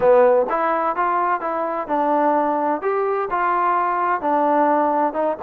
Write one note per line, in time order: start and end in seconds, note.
0.00 0.46 B3
0.49 0.95 E4
0.95 1.40 F4
1.40 1.87 E4
1.87 2.81 D4
2.81 3.28 G4
3.30 4.21 F4
4.21 5.13 D4
5.13 5.37 D#4